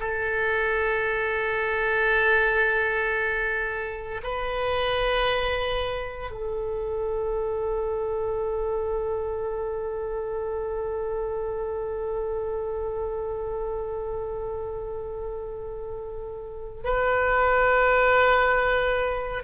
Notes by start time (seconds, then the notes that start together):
0.00 A4
4.23 B4
6.31 A4
16.84 B4